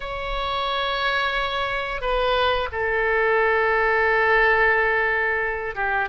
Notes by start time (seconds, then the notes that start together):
0.00 C#5
2.01 B4
2.72 A4
5.75 G4